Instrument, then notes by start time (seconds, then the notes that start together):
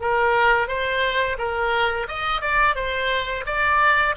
oboe
0.00 A#4
0.68 C5
1.38 A#4
2.08 D#5
2.41 D5
2.75 C5
3.46 D5